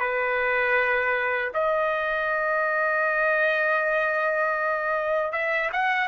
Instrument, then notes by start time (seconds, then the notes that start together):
trumpet
0.00 B4
1.54 D#5
5.32 E5
5.73 F#5